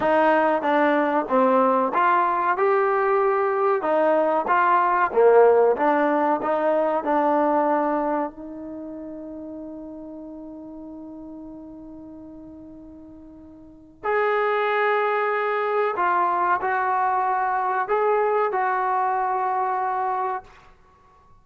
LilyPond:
\new Staff \with { instrumentName = "trombone" } { \time 4/4 \tempo 4 = 94 dis'4 d'4 c'4 f'4 | g'2 dis'4 f'4 | ais4 d'4 dis'4 d'4~ | d'4 dis'2.~ |
dis'1~ | dis'2 gis'2~ | gis'4 f'4 fis'2 | gis'4 fis'2. | }